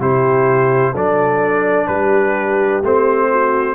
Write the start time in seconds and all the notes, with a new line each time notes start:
0.00 C3 E4 G4 C5
0.92 F#3 D4 A4 D5
1.88 G3 G4 B4
2.83 A3 C4 C5
3.30 F#4